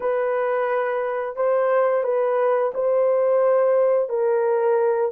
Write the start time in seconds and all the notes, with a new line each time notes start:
0.00 B4
1.35 C5
2.03 B4
2.74 C5
4.09 A#4